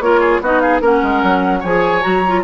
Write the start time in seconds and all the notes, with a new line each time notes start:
0.00 A#3 F4 A#4 C#5
0.21 G#4
0.41 B3 D#4 F#4 D#5
0.60 G#4 F5
0.81 A#3 C#4 A#4 F#5
1.03 G#3
1.23 F#3
1.60 F3 G#4 C#5 G#5
2.02 F#3 F#4 A#5
2.28 F4